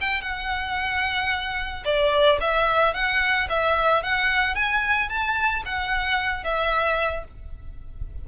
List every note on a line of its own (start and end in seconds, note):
0.00 0.21 G5
0.21 1.83 F#5
1.85 2.39 D5
2.40 2.93 E5
2.93 3.47 F#5
3.49 4.02 E5
4.02 4.55 F#5
4.55 5.09 G#5
5.09 5.63 A5
5.65 6.43 F#5
6.43 7.24 E5